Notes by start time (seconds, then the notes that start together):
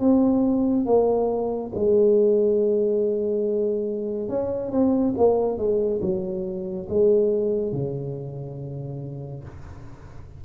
0.00 C4
0.86 A#3
1.75 G#3
4.29 C#4
4.71 C4
5.17 A#3
5.58 G#3
6.02 F#3
6.89 G#3
7.73 C#3